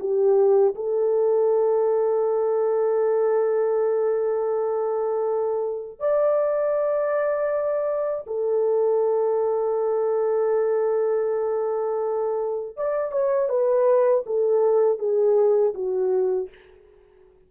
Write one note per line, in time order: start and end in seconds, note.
0.00 0.75 G4
0.75 6.00 A4
6.00 8.25 D5
8.27 12.77 A4
12.77 13.12 D5
13.12 13.49 C#5
13.49 14.24 B4
14.27 14.99 A4
14.99 15.74 G#4
15.74 16.49 F#4